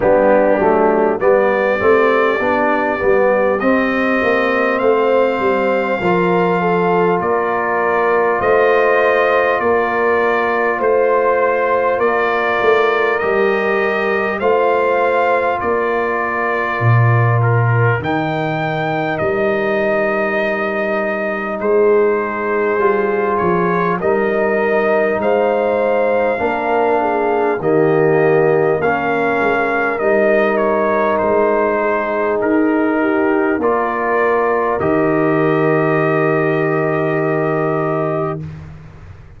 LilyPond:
<<
  \new Staff \with { instrumentName = "trumpet" } { \time 4/4 \tempo 4 = 50 g'4 d''2 dis''4 | f''2 d''4 dis''4 | d''4 c''4 d''4 dis''4 | f''4 d''4. ais'8 g''4 |
dis''2 c''4. cis''8 | dis''4 f''2 dis''4 | f''4 dis''8 cis''8 c''4 ais'4 | d''4 dis''2. | }
  \new Staff \with { instrumentName = "horn" } { \time 4/4 d'4 g'2. | c''4 ais'8 a'8 ais'4 c''4 | ais'4 c''4 ais'2 | c''4 ais'2.~ |
ais'2 gis'2 | ais'4 c''4 ais'8 gis'8 g'4 | ais'2~ ais'8 gis'4 g'8 | ais'1 | }
  \new Staff \with { instrumentName = "trombone" } { \time 4/4 b8 a8 b8 c'8 d'8 b8 c'4~ | c'4 f'2.~ | f'2. g'4 | f'2. dis'4~ |
dis'2. f'4 | dis'2 d'4 ais4 | cis'4 dis'2. | f'4 g'2. | }
  \new Staff \with { instrumentName = "tuba" } { \time 4/4 g8 fis8 g8 a8 b8 g8 c'8 ais8 | a8 g8 f4 ais4 a4 | ais4 a4 ais8 a8 g4 | a4 ais4 ais,4 dis4 |
g2 gis4 g8 f8 | g4 gis4 ais4 dis4 | ais8 gis8 g4 gis4 dis'4 | ais4 dis2. | }
>>